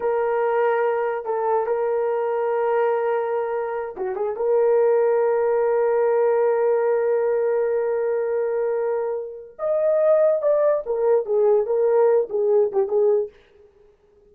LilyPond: \new Staff \with { instrumentName = "horn" } { \time 4/4 \tempo 4 = 144 ais'2. a'4 | ais'1~ | ais'4. fis'8 gis'8 ais'4.~ | ais'1~ |
ais'1~ | ais'2. dis''4~ | dis''4 d''4 ais'4 gis'4 | ais'4. gis'4 g'8 gis'4 | }